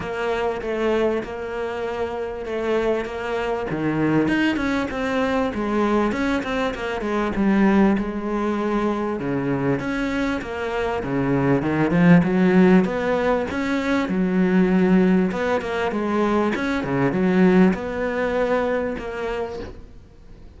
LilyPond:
\new Staff \with { instrumentName = "cello" } { \time 4/4 \tempo 4 = 98 ais4 a4 ais2 | a4 ais4 dis4 dis'8 cis'8 | c'4 gis4 cis'8 c'8 ais8 gis8 | g4 gis2 cis4 |
cis'4 ais4 cis4 dis8 f8 | fis4 b4 cis'4 fis4~ | fis4 b8 ais8 gis4 cis'8 cis8 | fis4 b2 ais4 | }